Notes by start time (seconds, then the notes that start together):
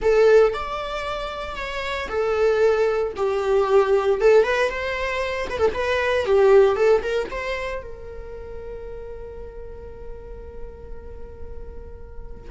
0.01 A4
0.53 D5
1.55 C#5
2.08 A4
3.16 G4
4.20 A4
4.43 B4
4.69 C5
5.49 B4
5.58 A4
5.73 B4
6.25 G4
6.76 A4
7.02 A#4
7.30 C5
7.82 A#4